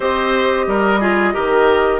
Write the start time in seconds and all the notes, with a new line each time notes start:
0.00 C4 G4 C5 D#5
0.66 G3 A#4
1.00 F4 G#4
1.33 D#3 G4 A#4